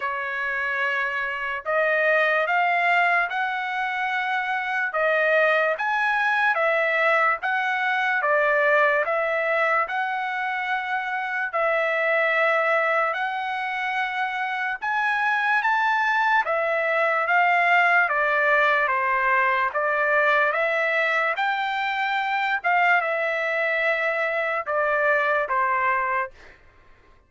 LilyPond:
\new Staff \with { instrumentName = "trumpet" } { \time 4/4 \tempo 4 = 73 cis''2 dis''4 f''4 | fis''2 dis''4 gis''4 | e''4 fis''4 d''4 e''4 | fis''2 e''2 |
fis''2 gis''4 a''4 | e''4 f''4 d''4 c''4 | d''4 e''4 g''4. f''8 | e''2 d''4 c''4 | }